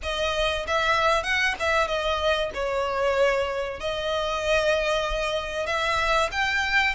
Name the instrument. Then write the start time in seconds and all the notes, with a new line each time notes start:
violin
0.02 D#5
0.67 E5
1.23 F#5
1.59 E5
1.87 D#5
2.54 C#5
3.80 D#5
5.66 E5
6.31 G5